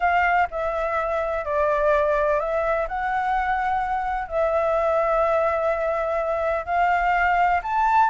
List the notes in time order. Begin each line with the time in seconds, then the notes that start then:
0.00 F5
0.50 E5
1.45 D5
2.39 E5
2.88 F#5
4.27 E5
6.65 F5
7.62 A5